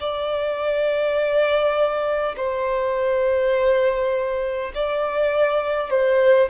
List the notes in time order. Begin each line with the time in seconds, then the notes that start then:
0.00 D5
2.36 C5
4.74 D5
5.90 C5